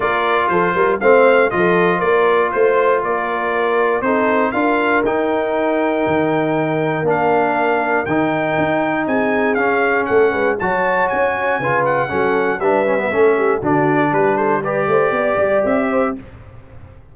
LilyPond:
<<
  \new Staff \with { instrumentName = "trumpet" } { \time 4/4 \tempo 4 = 119 d''4 c''4 f''4 dis''4 | d''4 c''4 d''2 | c''4 f''4 g''2~ | g''2 f''2 |
g''2 gis''4 f''4 | fis''4 a''4 gis''4. fis''8~ | fis''4 e''2 d''4 | b'8 c''8 d''2 e''4 | }
  \new Staff \with { instrumentName = "horn" } { \time 4/4 ais'4 a'8 ais'8 c''4 a'4 | ais'4 c''4 ais'2 | a'4 ais'2.~ | ais'1~ |
ais'2 gis'2 | a'8 b'8 cis''2 b'4 | a'4 b'4 a'8 g'8 fis'4 | g'8 a'8 b'8 c''8 d''4. c''8 | }
  \new Staff \with { instrumentName = "trombone" } { \time 4/4 f'2 c'4 f'4~ | f'1 | dis'4 f'4 dis'2~ | dis'2 d'2 |
dis'2. cis'4~ | cis'4 fis'2 f'4 | cis'4 d'8 cis'16 b16 cis'4 d'4~ | d'4 g'2. | }
  \new Staff \with { instrumentName = "tuba" } { \time 4/4 ais4 f8 g8 a4 f4 | ais4 a4 ais2 | c'4 d'4 dis'2 | dis2 ais2 |
dis4 dis'4 c'4 cis'4 | a8 gis8 fis4 cis'4 cis4 | fis4 g4 a4 d4 | g4. a8 b8 g8 c'4 | }
>>